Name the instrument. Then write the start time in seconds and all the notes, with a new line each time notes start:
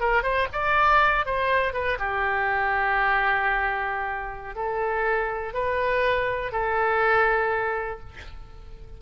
oboe
0.00 A#4
0.23 C5
0.53 D5
1.26 C5
1.73 B4
1.99 G4
4.55 A4
5.54 B4
6.52 A4